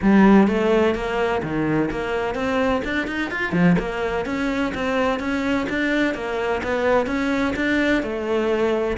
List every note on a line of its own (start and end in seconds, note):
0.02 0.47 G3
0.47 0.94 A3
0.94 1.42 A#3
1.42 1.90 D#3
1.90 2.34 A#3
2.34 2.82 C4
2.84 3.07 D4
3.07 3.30 D#4
3.30 3.52 F4
3.52 3.76 F3
3.79 4.25 A#3
4.25 4.72 C#4
4.74 5.19 C4
5.19 5.66 C#4
5.69 6.14 D4
6.14 6.61 A#3
6.63 7.06 B3
7.06 7.54 C#4
7.55 8.03 D4
8.03 8.97 A3